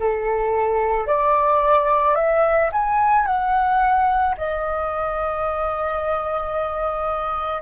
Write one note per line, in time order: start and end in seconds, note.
0.00 1.07 A4
1.07 2.16 D5
2.16 2.70 E5
2.73 3.26 G#5
3.26 4.35 F#5
4.38 7.62 D#5